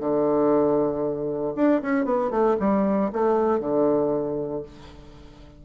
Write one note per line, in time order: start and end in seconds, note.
0.00 1.54 D3
1.56 1.81 D4
1.82 2.05 C#4
2.05 2.31 B3
2.31 2.56 A3
2.60 3.11 G3
3.13 3.60 A3
3.60 4.62 D3